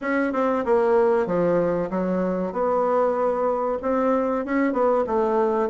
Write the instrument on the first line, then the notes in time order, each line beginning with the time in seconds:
bassoon
0.01 C#4
0.32 C4
0.65 A#3
1.26 F3
1.90 F#3
2.52 B3
3.82 C4
4.45 C#4
4.72 B3
5.07 A3